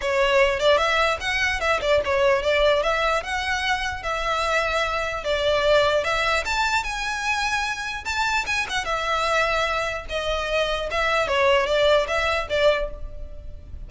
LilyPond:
\new Staff \with { instrumentName = "violin" } { \time 4/4 \tempo 4 = 149 cis''4. d''8 e''4 fis''4 | e''8 d''8 cis''4 d''4 e''4 | fis''2 e''2~ | e''4 d''2 e''4 |
a''4 gis''2. | a''4 gis''8 fis''8 e''2~ | e''4 dis''2 e''4 | cis''4 d''4 e''4 d''4 | }